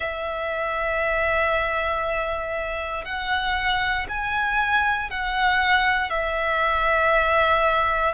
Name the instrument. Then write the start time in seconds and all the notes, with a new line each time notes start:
violin
0.00 E5
3.04 F#5
4.08 G#5
5.10 F#5
6.10 E5